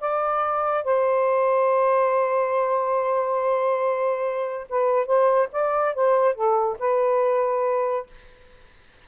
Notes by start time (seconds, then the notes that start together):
0.00 D5
0.84 C5
4.69 B4
5.06 C5
5.52 D5
5.94 C5
6.35 A4
6.79 B4